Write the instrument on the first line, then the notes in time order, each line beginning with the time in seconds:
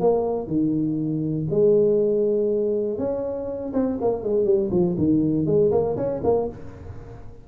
tuba
0.00 A#3
0.47 D#3
1.50 G#3
2.98 C#4
3.73 C4
4.01 A#3
4.23 G#3
4.45 G3
4.71 F3
4.98 D#3
5.46 G#3
5.71 A#3
5.96 C#4
6.23 A#3